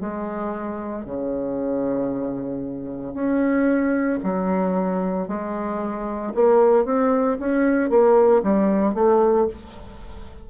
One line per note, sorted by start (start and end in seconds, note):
0.00 1.05 G#3
1.05 3.13 C#3
3.13 4.19 C#4
4.23 5.27 F#3
5.27 6.33 G#3
6.34 6.85 A#3
6.85 7.37 C4
7.39 7.89 C#4
7.89 8.42 A#3
8.42 8.94 G3
8.94 9.46 A3